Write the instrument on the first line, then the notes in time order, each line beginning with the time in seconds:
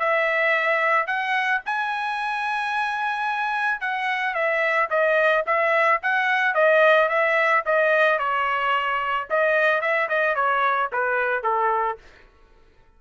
trumpet
0.00 E5
1.07 F#5
1.66 G#5
3.81 F#5
4.35 E5
4.91 D#5
5.47 E5
6.03 F#5
6.55 D#5
7.09 E5
7.66 D#5
8.19 C#5
9.30 D#5
9.82 E5
10.09 D#5
10.36 C#5
10.93 B4
11.44 A4